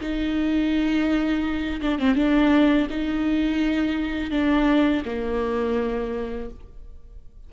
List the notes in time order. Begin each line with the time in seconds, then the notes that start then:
0.00 D#4
1.81 D4
1.98 C4
2.15 D4
2.89 D#4
4.30 D4
5.05 A#3